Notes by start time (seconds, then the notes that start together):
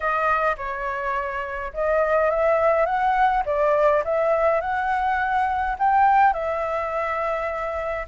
0.00 D#5
0.57 C#5
1.73 D#5
2.30 E5
2.85 F#5
3.45 D5
4.04 E5
4.60 F#5
5.78 G5
6.33 E5